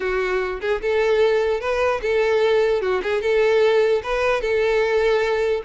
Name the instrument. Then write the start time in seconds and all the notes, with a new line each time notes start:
violin
0.00 F#4
0.61 G#4
0.81 A4
1.60 B4
2.01 A4
2.81 F#4
3.03 G#4
3.21 A4
4.03 B4
4.41 A4